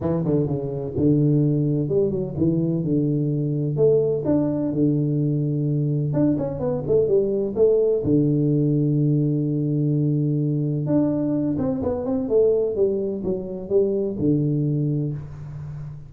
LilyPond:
\new Staff \with { instrumentName = "tuba" } { \time 4/4 \tempo 4 = 127 e8 d8 cis4 d2 | g8 fis8 e4 d2 | a4 d'4 d2~ | d4 d'8 cis'8 b8 a8 g4 |
a4 d2.~ | d2. d'4~ | d'8 c'8 b8 c'8 a4 g4 | fis4 g4 d2 | }